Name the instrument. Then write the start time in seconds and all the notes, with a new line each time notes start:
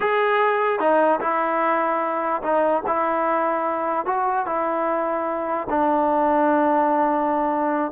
trombone
0.00 G#4
0.79 D#4
1.20 E4
2.42 D#4
2.86 E4
4.05 F#4
4.46 E4
5.69 D4